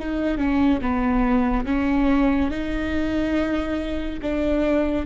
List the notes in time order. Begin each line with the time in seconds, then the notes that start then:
0.00 D#4
0.38 C#4
0.82 B3
1.66 C#4
2.51 D#4
4.22 D4